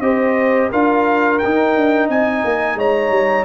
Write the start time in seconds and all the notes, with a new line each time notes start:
0.00 C4 G4 C5 D#5
0.70 D4 F4 A#4 F5
1.38 D#4 G5
1.76 D4
2.09 C4 D#5 G#5
2.44 A#3
2.75 G#3 C#5 A#5
3.10 G3